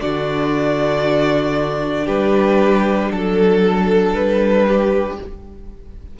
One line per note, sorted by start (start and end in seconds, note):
0.00 2.08 D3
0.00 5.18 D4
0.00 2.05 F#4
0.00 2.07 D5
2.05 3.11 G3
2.05 3.09 G4
2.05 3.11 B4
3.11 4.15 F#3
3.11 4.66 A4
3.11 4.14 A4
4.14 5.18 G3
4.14 5.17 B4
4.68 5.19 G4